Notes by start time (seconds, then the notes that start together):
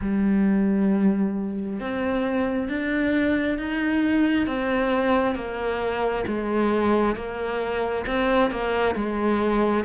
0.01 G3
1.80 C4
2.69 D4
3.58 D#4
4.46 C4
5.35 A#3
6.27 G#3
7.15 A#3
8.06 C4
8.51 A#3
8.95 G#3